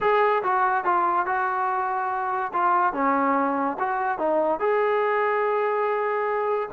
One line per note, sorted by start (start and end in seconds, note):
0.01 0.43 G#4
0.43 0.84 F#4
0.84 1.26 F4
1.26 2.52 F#4
2.53 2.93 F4
2.93 3.77 C#4
3.79 4.18 F#4
4.18 4.59 D#4
4.59 6.69 G#4